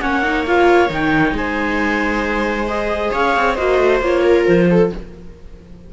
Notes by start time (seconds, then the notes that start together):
0.00 A#3 C#4 C#5 F#5
0.22 D#4
0.47 F4 F5
0.88 D#3 D#4 G5
1.32 G#3 C5 G#5
2.68 G#4 D#5
3.12 C#4 C#5 F5
3.36 C4
3.55 A#3 F#4 C5 D#5
3.78 A3
4.00 A#3 F4 C#5
4.22 A#4
4.45 F3 C5
4.71 A4